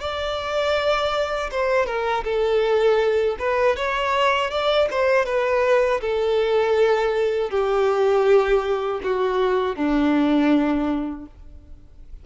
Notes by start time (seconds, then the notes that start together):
0.00 D5
1.51 C5
1.86 A#4
2.24 A4
3.39 B4
3.76 C#5
4.51 D5
4.91 C5
5.25 B4
6.01 A4
7.50 G4
9.03 F#4
9.76 D4